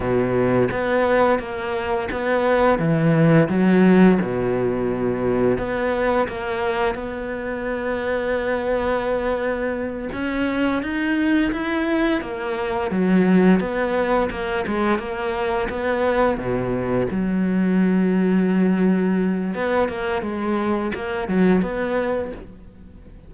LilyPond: \new Staff \with { instrumentName = "cello" } { \time 4/4 \tempo 4 = 86 b,4 b4 ais4 b4 | e4 fis4 b,2 | b4 ais4 b2~ | b2~ b8 cis'4 dis'8~ |
dis'8 e'4 ais4 fis4 b8~ | b8 ais8 gis8 ais4 b4 b,8~ | b,8 fis2.~ fis8 | b8 ais8 gis4 ais8 fis8 b4 | }